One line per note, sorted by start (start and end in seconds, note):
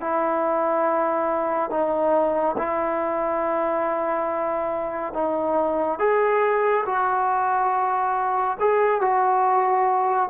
0.00 1.70 E4
1.70 2.56 D#4
2.58 5.13 E4
5.13 5.98 D#4
5.98 6.84 G#4
6.86 8.57 F#4
8.59 9.01 G#4
9.01 10.29 F#4